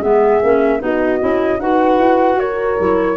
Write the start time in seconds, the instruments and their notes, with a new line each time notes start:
0.00 tuba G#3, clarinet B3, horn G#4, flute E5
0.43 tuba A#3, clarinet C#4
0.79 tuba B3, clarinet D#4, horn F#4, flute D#5
1.19 tuba C#4, clarinet E4
1.59 tuba D#4, clarinet F#4, horn B4, flute F#5
1.97 tuba E4
2.35 tuba F#4, horn A#4, flute C#5
2.77 tuba F#3, clarinet E4